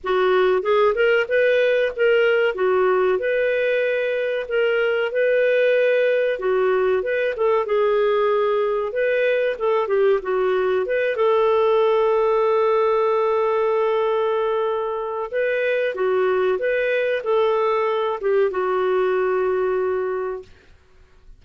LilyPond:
\new Staff \with { instrumentName = "clarinet" } { \time 4/4 \tempo 4 = 94 fis'4 gis'8 ais'8 b'4 ais'4 | fis'4 b'2 ais'4 | b'2 fis'4 b'8 a'8 | gis'2 b'4 a'8 g'8 |
fis'4 b'8 a'2~ a'8~ | a'1 | b'4 fis'4 b'4 a'4~ | a'8 g'8 fis'2. | }